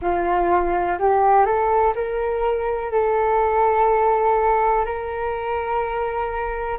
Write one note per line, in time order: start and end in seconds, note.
0.01 0.98 F4
0.99 1.45 G4
1.45 1.94 A4
1.95 2.91 A#4
2.91 4.85 A4
4.85 6.78 A#4